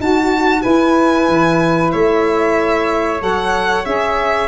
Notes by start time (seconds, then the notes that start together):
0.00 D#4 F#4 A5
0.62 E4 B4 G#5
1.29 E3
1.92 A3 C#5 E5
3.20 F#3 A4 F#5
3.85 C#4 G#4 E5